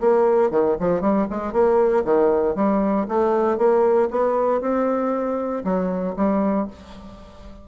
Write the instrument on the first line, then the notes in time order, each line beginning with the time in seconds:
bassoon
0.00 A#3
0.51 D#3
0.80 F3
1.01 G3
1.30 G#3
1.52 A#3
2.05 D#3
2.55 G3
3.08 A3
3.58 A#3
4.10 B3
4.61 C4
5.64 F#3
6.16 G3